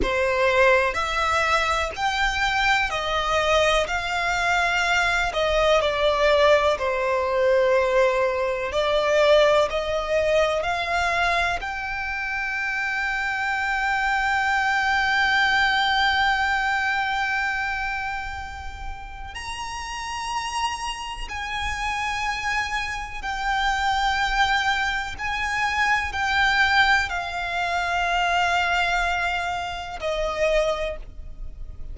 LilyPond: \new Staff \with { instrumentName = "violin" } { \time 4/4 \tempo 4 = 62 c''4 e''4 g''4 dis''4 | f''4. dis''8 d''4 c''4~ | c''4 d''4 dis''4 f''4 | g''1~ |
g''1 | ais''2 gis''2 | g''2 gis''4 g''4 | f''2. dis''4 | }